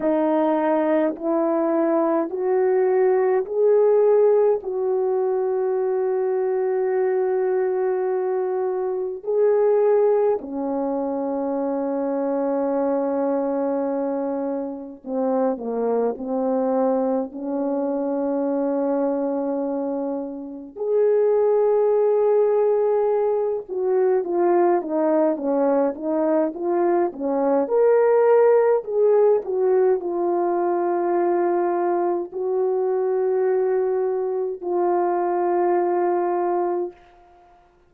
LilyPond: \new Staff \with { instrumentName = "horn" } { \time 4/4 \tempo 4 = 52 dis'4 e'4 fis'4 gis'4 | fis'1 | gis'4 cis'2.~ | cis'4 c'8 ais8 c'4 cis'4~ |
cis'2 gis'2~ | gis'8 fis'8 f'8 dis'8 cis'8 dis'8 f'8 cis'8 | ais'4 gis'8 fis'8 f'2 | fis'2 f'2 | }